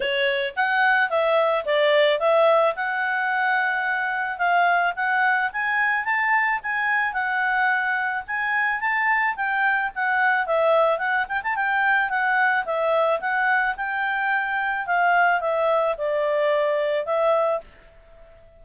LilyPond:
\new Staff \with { instrumentName = "clarinet" } { \time 4/4 \tempo 4 = 109 cis''4 fis''4 e''4 d''4 | e''4 fis''2. | f''4 fis''4 gis''4 a''4 | gis''4 fis''2 gis''4 |
a''4 g''4 fis''4 e''4 | fis''8 g''16 a''16 g''4 fis''4 e''4 | fis''4 g''2 f''4 | e''4 d''2 e''4 | }